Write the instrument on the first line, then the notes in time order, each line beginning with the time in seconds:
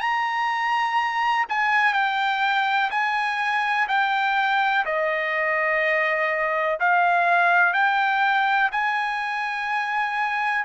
trumpet
0.00 A#5
1.49 G#5
1.93 G5
2.90 G#5
3.88 G5
4.85 D#5
6.80 F5
7.73 G5
8.71 G#5